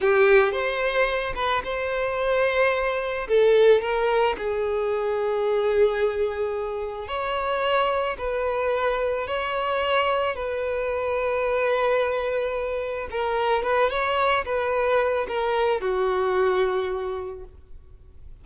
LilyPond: \new Staff \with { instrumentName = "violin" } { \time 4/4 \tempo 4 = 110 g'4 c''4. b'8 c''4~ | c''2 a'4 ais'4 | gis'1~ | gis'4 cis''2 b'4~ |
b'4 cis''2 b'4~ | b'1 | ais'4 b'8 cis''4 b'4. | ais'4 fis'2. | }